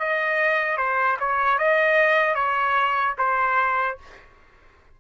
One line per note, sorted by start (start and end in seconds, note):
0.00 0.77 D#5
0.77 1.17 C5
1.20 1.59 C#5
1.59 2.35 D#5
2.35 3.15 C#5
3.18 3.98 C5